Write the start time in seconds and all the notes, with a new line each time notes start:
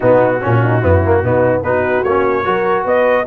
0.00 B2 B3 D#4 F#4
0.41 A#2 C#4
0.62 D#4
0.81 F#2 B3 E4
1.05 A#3
1.23 B2 B3 D#4
1.62 B3 D#4 F#4 B4
2.03 A#3 C#4 C#5
2.44 F#3 F#4 A#4
2.84 B3 B4 D#5